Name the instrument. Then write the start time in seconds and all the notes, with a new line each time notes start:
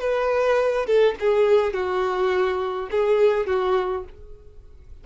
violin
0.00 B4
0.87 A4
1.20 G#4
1.74 F#4
2.91 G#4
3.47 F#4